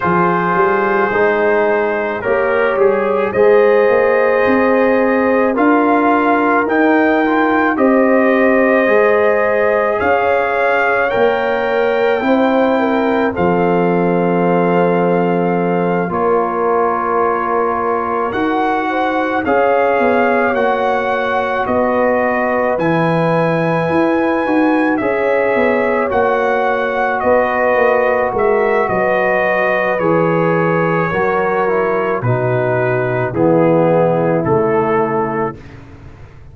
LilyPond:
<<
  \new Staff \with { instrumentName = "trumpet" } { \time 4/4 \tempo 4 = 54 c''2 ais'8 gis'8 dis''4~ | dis''4 f''4 g''4 dis''4~ | dis''4 f''4 g''2 | f''2~ f''8 cis''4.~ |
cis''8 fis''4 f''4 fis''4 dis''8~ | dis''8 gis''2 e''4 fis''8~ | fis''8 dis''4 e''8 dis''4 cis''4~ | cis''4 b'4 gis'4 a'4 | }
  \new Staff \with { instrumentName = "horn" } { \time 4/4 gis'2 cis''4 c''4~ | c''4 ais'2 c''4~ | c''4 cis''2 c''8 ais'8 | a'2~ a'8 ais'4.~ |
ais'4 c''8 cis''2 b'8~ | b'2~ b'8 cis''4.~ | cis''8 b'4 ais'8 b'2 | ais'4 fis'4 e'2 | }
  \new Staff \with { instrumentName = "trombone" } { \time 4/4 f'4 dis'4 g'4 gis'4~ | gis'4 f'4 dis'8 f'8 g'4 | gis'2 ais'4 e'4 | c'2~ c'8 f'4.~ |
f'8 fis'4 gis'4 fis'4.~ | fis'8 e'4. fis'8 gis'4 fis'8~ | fis'2. gis'4 | fis'8 e'8 dis'4 b4 a4 | }
  \new Staff \with { instrumentName = "tuba" } { \time 4/4 f8 g8 gis4 ais8 g8 gis8 ais8 | c'4 d'4 dis'4 c'4 | gis4 cis'4 ais4 c'4 | f2~ f8 ais4.~ |
ais8 dis'4 cis'8 b8 ais4 b8~ | b8 e4 e'8 dis'8 cis'8 b8 ais8~ | ais8 b8 ais8 gis8 fis4 e4 | fis4 b,4 e4 cis4 | }
>>